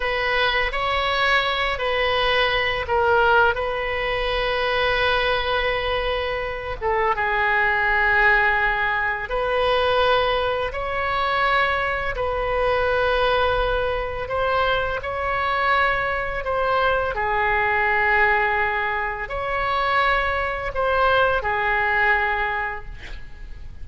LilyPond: \new Staff \with { instrumentName = "oboe" } { \time 4/4 \tempo 4 = 84 b'4 cis''4. b'4. | ais'4 b'2.~ | b'4. a'8 gis'2~ | gis'4 b'2 cis''4~ |
cis''4 b'2. | c''4 cis''2 c''4 | gis'2. cis''4~ | cis''4 c''4 gis'2 | }